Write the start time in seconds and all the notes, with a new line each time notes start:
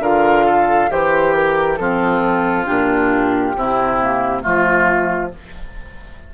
0.00 D3 F4 A#4 F5
0.46 A4
0.90 E3 G4 C5
1.34 A#4
1.77 F3 C4 F4 A4
2.66 A#2 D4 G4
3.55 C3 C4 E4
4.00 A#3
4.41 F3 A3 F4